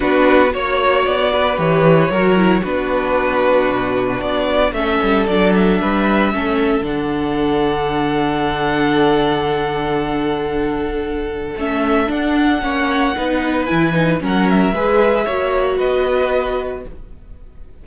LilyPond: <<
  \new Staff \with { instrumentName = "violin" } { \time 4/4 \tempo 4 = 114 b'4 cis''4 d''4 cis''4~ | cis''4 b'2. | d''4 e''4 d''8 e''4.~ | e''4 fis''2.~ |
fis''1~ | fis''2 e''4 fis''4~ | fis''2 gis''4 fis''8 e''8~ | e''2 dis''2 | }
  \new Staff \with { instrumentName = "violin" } { \time 4/4 fis'4 cis''4. b'4. | ais'4 fis'2.~ | fis'4 a'2 b'4 | a'1~ |
a'1~ | a'1 | cis''4 b'2 ais'4 | b'4 cis''4 b'2 | }
  \new Staff \with { instrumentName = "viola" } { \time 4/4 d'4 fis'2 g'4 | fis'8 e'8 d'2.~ | d'4 cis'4 d'2 | cis'4 d'2.~ |
d'1~ | d'2 cis'4 d'4 | cis'4 dis'4 e'8 dis'8 cis'4 | gis'4 fis'2. | }
  \new Staff \with { instrumentName = "cello" } { \time 4/4 b4 ais4 b4 e4 | fis4 b2 b,4 | b4 a8 g8 fis4 g4 | a4 d2.~ |
d1~ | d2 a4 d'4 | ais4 b4 e4 fis4 | gis4 ais4 b2 | }
>>